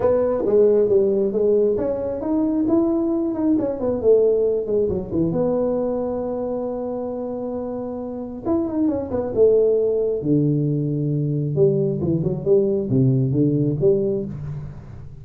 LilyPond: \new Staff \with { instrumentName = "tuba" } { \time 4/4 \tempo 4 = 135 b4 gis4 g4 gis4 | cis'4 dis'4 e'4. dis'8 | cis'8 b8 a4. gis8 fis8 e8 | b1~ |
b2. e'8 dis'8 | cis'8 b8 a2 d4~ | d2 g4 e8 fis8 | g4 c4 d4 g4 | }